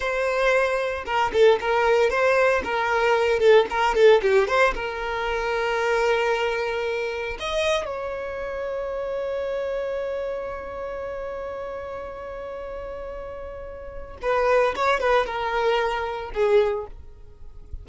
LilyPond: \new Staff \with { instrumentName = "violin" } { \time 4/4 \tempo 4 = 114 c''2 ais'8 a'8 ais'4 | c''4 ais'4. a'8 ais'8 a'8 | g'8 c''8 ais'2.~ | ais'2 dis''4 cis''4~ |
cis''1~ | cis''1~ | cis''2. b'4 | cis''8 b'8 ais'2 gis'4 | }